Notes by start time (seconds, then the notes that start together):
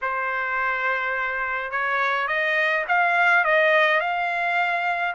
0.01 C5
1.71 C#5
2.27 D#5
2.88 F5
3.44 D#5
4.00 F5